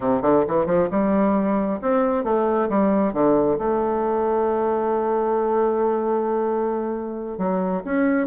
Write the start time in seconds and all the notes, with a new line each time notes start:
0.00 C3
0.21 D3
0.47 E3
0.66 F3
0.90 G3
1.81 C4
2.23 A3
2.69 G3
3.13 D3
3.58 A3
7.38 F#3
7.84 C#4